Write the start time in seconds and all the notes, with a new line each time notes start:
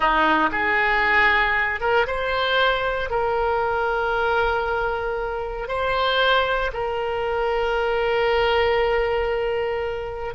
0.00 D#4
0.51 G#4
1.80 A#4
2.06 C5
3.10 A#4
5.68 C5
6.73 A#4